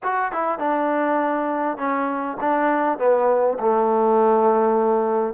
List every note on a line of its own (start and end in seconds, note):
0.03 0.32 F#4
0.32 0.59 E4
0.59 1.77 D4
1.77 2.37 C#4
2.40 2.98 D4
2.98 3.58 B3
3.59 5.34 A3